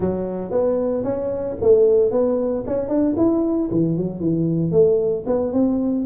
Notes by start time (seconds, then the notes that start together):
0.00 F#3
0.51 B3
1.04 C#4
1.61 A3
2.11 B3
2.67 C#4
2.88 D4
3.17 E4
3.71 E3
3.97 F#3
4.20 E3
4.71 A3
5.26 B3
5.52 C4